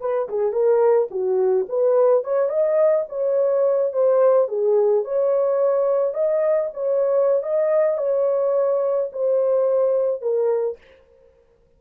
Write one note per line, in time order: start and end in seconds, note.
0.00 0.28 B4
0.28 0.52 G#4
0.52 1.08 A#4
1.10 1.66 F#4
1.68 2.24 B4
2.24 2.49 C#5
2.49 3.05 D#5
3.08 3.93 C#5
3.93 4.48 C5
4.48 5.04 G#4
5.04 6.14 C#5
6.14 6.70 D#5
6.73 7.42 C#5
7.42 7.97 D#5
7.97 9.09 C#5
9.12 10.21 C5
10.21 10.77 A#4